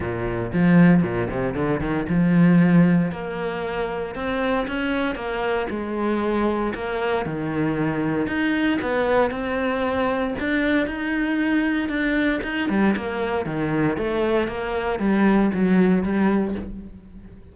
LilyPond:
\new Staff \with { instrumentName = "cello" } { \time 4/4 \tempo 4 = 116 ais,4 f4 ais,8 c8 d8 dis8 | f2 ais2 | c'4 cis'4 ais4 gis4~ | gis4 ais4 dis2 |
dis'4 b4 c'2 | d'4 dis'2 d'4 | dis'8 g8 ais4 dis4 a4 | ais4 g4 fis4 g4 | }